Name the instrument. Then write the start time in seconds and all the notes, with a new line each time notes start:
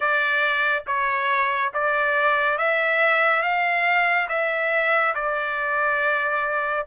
trumpet
0.00 D5
0.86 C#5
1.73 D5
2.58 E5
3.42 F5
4.28 E5
5.14 D5